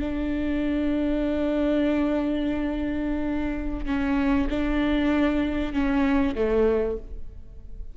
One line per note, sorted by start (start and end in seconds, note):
0.00 3.86 D4
3.86 4.48 C#4
4.50 5.73 D4
5.73 6.35 C#4
6.36 6.98 A3